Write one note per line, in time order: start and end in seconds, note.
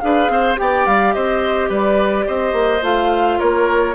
0.00 0.29 D4
0.00 0.56 G#4
0.00 0.32 B4
0.00 0.56 F5
0.29 0.57 C4
0.29 0.60 C5
0.56 0.86 B3
0.56 2.80 G4
0.56 1.15 D5
0.56 0.86 G5
0.86 1.14 G3
0.86 1.13 F5
1.13 1.69 C4
1.13 1.69 C5
1.13 1.69 D#5
1.69 2.25 G3
1.69 2.25 B4
1.69 2.27 D5
2.27 2.53 C4
2.27 3.39 C5
2.27 2.83 D#5
2.53 2.81 A#3
2.82 3.38 A3
2.82 3.94 F4
2.82 3.39 F5
3.39 3.95 A#3
3.39 3.95 A#4
3.39 3.95 C#5